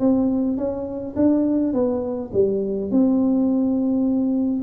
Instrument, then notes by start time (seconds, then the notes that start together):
tuba
0.00 C4
0.58 C#4
1.16 D4
1.74 B3
2.34 G3
2.91 C4